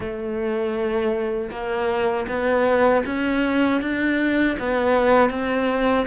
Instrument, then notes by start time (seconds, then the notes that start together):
cello
0.00 A3
1.50 A#3
2.28 B3
3.06 C#4
3.81 D4
4.59 B3
5.30 C4